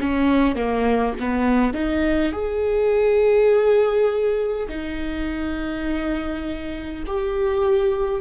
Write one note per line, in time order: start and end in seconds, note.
0.00 0.56 C#4
0.56 1.14 A#3
1.19 1.73 B3
1.73 2.32 D#4
2.32 4.67 G#4
4.68 7.04 D#4
7.06 8.21 G4